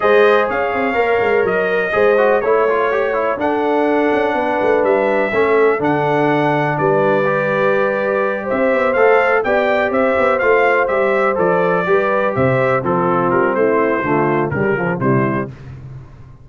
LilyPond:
<<
  \new Staff \with { instrumentName = "trumpet" } { \time 4/4 \tempo 4 = 124 dis''4 f''2 dis''4~ | dis''4 cis''2 fis''4~ | fis''2 e''2 | fis''2 d''2~ |
d''4. e''4 f''4 g''8~ | g''8 e''4 f''4 e''4 d''8~ | d''4. e''4 a'4 ais'8 | c''2 ais'4 c''4 | }
  \new Staff \with { instrumentName = "horn" } { \time 4/4 c''4 cis''2. | c''4 cis''2 a'4~ | a'4 b'2 a'4~ | a'2 b'2~ |
b'4. c''2 d''8~ | d''8 c''2.~ c''8~ | c''8 b'4 c''4 f'4. | e'4 f'4 g'8 f'8 e'4 | }
  \new Staff \with { instrumentName = "trombone" } { \time 4/4 gis'2 ais'2 | gis'8 fis'8 e'8 f'8 g'8 e'8 d'4~ | d'2. cis'4 | d'2. g'4~ |
g'2~ g'8 a'4 g'8~ | g'4. f'4 g'4 a'8~ | a'8 g'2 c'4.~ | c'4 a4 g8 f8 g4 | }
  \new Staff \with { instrumentName = "tuba" } { \time 4/4 gis4 cis'8 c'8 ais8 gis8 fis4 | gis4 a2 d'4~ | d'8 cis'8 b8 a8 g4 a4 | d2 g2~ |
g4. c'8 b8 a4 b8~ | b8 c'8 b8 a4 g4 f8~ | f8 g4 c4 f4 g8 | a4 d4 cis4 c4 | }
>>